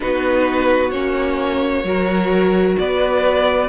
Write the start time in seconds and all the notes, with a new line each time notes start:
0.00 B3 D#4 F#4 B4
0.91 A#3 C#4 C#5
1.84 F#3 F#4 A#4
2.78 B3 B4 D5